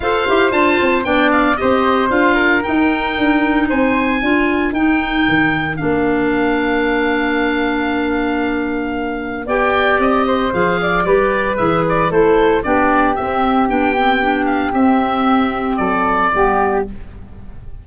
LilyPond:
<<
  \new Staff \with { instrumentName = "oboe" } { \time 4/4 \tempo 4 = 114 f''4 a''4 g''8 f''8 dis''4 | f''4 g''2 gis''4~ | gis''4 g''2 f''4~ | f''1~ |
f''2 g''4 dis''4 | f''4 d''4 e''8 d''8 c''4 | d''4 e''4 g''4. f''8 | e''2 d''2 | }
  \new Staff \with { instrumentName = "flute" } { \time 4/4 c''2 d''4 c''4~ | c''8 ais'2~ ais'8 c''4 | ais'1~ | ais'1~ |
ais'2 d''4. c''8~ | c''8 d''8 b'2 a'4 | g'1~ | g'2 a'4 g'4 | }
  \new Staff \with { instrumentName = "clarinet" } { \time 4/4 a'8 g'8 f'4 d'4 g'4 | f'4 dis'2. | f'4 dis'2 d'4~ | d'1~ |
d'2 g'2 | gis'4 g'4 gis'4 e'4 | d'4 c'4 d'8 c'8 d'4 | c'2. b4 | }
  \new Staff \with { instrumentName = "tuba" } { \time 4/4 f'8 e'8 d'8 c'8 b4 c'4 | d'4 dis'4 d'4 c'4 | d'4 dis'4 dis4 ais4~ | ais1~ |
ais2 b4 c'4 | f4 g4 e4 a4 | b4 c'4 b2 | c'2 fis4 g4 | }
>>